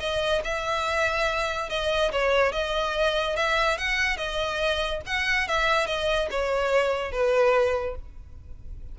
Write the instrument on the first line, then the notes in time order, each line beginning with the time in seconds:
violin
0.00 D#5
0.44 E5
1.70 D#5
2.12 C#5
2.53 D#5
3.36 E5
3.78 F#5
4.17 D#5
5.07 F#5
5.48 E5
5.87 D#5
6.31 C#5
7.12 B4